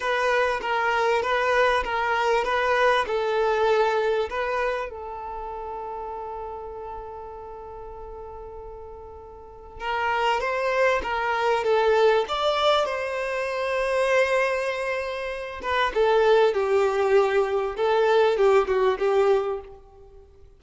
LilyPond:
\new Staff \with { instrumentName = "violin" } { \time 4/4 \tempo 4 = 98 b'4 ais'4 b'4 ais'4 | b'4 a'2 b'4 | a'1~ | a'1 |
ais'4 c''4 ais'4 a'4 | d''4 c''2.~ | c''4. b'8 a'4 g'4~ | g'4 a'4 g'8 fis'8 g'4 | }